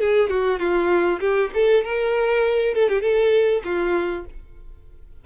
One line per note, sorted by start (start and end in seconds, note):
0.00 0.30 G#4
0.30 0.59 F#4
0.59 1.20 F4
1.20 1.51 G4
1.54 1.85 A4
1.85 2.74 A#4
2.74 2.89 A4
2.89 3.01 G4
3.01 3.62 A4
3.65 4.25 F4